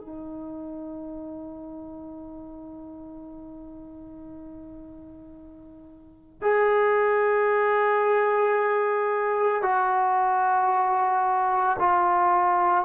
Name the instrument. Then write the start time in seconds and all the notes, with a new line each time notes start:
trombone
0.00 D#4
6.41 G#4
9.62 F#4
11.79 F4